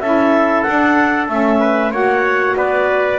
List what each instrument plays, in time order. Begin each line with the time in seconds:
0.00 double bass C#4, saxophone E4, trumpet A4, clarinet E5
0.63 double bass D4, saxophone D4, clarinet F#5
1.28 double bass A3, saxophone C#4, clarinet E5
1.60 trumpet B4
1.91 double bass A#3, saxophone F#4, trumpet C#5, clarinet F#5
2.56 double bass B3, trumpet B4, clarinet D5